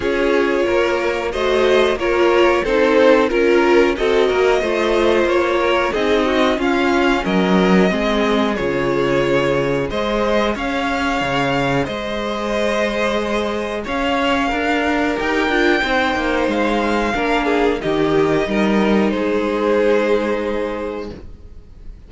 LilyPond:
<<
  \new Staff \with { instrumentName = "violin" } { \time 4/4 \tempo 4 = 91 cis''2 dis''4 cis''4 | c''4 ais'4 dis''2 | cis''4 dis''4 f''4 dis''4~ | dis''4 cis''2 dis''4 |
f''2 dis''2~ | dis''4 f''2 g''4~ | g''4 f''2 dis''4~ | dis''4 c''2. | }
  \new Staff \with { instrumentName = "violin" } { \time 4/4 gis'4 ais'4 c''4 ais'4 | a'4 ais'4 a'8 ais'8 c''4~ | c''8 ais'8 gis'8 fis'8 f'4 ais'4 | gis'2. c''4 |
cis''2 c''2~ | c''4 cis''4 ais'2 | c''2 ais'8 gis'8 g'4 | ais'4 gis'2. | }
  \new Staff \with { instrumentName = "viola" } { \time 4/4 f'2 fis'4 f'4 | dis'4 f'4 fis'4 f'4~ | f'4 dis'4 cis'2 | c'4 f'2 gis'4~ |
gis'1~ | gis'2. g'8 f'8 | dis'2 d'4 dis'4~ | dis'1 | }
  \new Staff \with { instrumentName = "cello" } { \time 4/4 cis'4 ais4 a4 ais4 | c'4 cis'4 c'8 ais8 a4 | ais4 c'4 cis'4 fis4 | gis4 cis2 gis4 |
cis'4 cis4 gis2~ | gis4 cis'4 d'4 dis'8 d'8 | c'8 ais8 gis4 ais4 dis4 | g4 gis2. | }
>>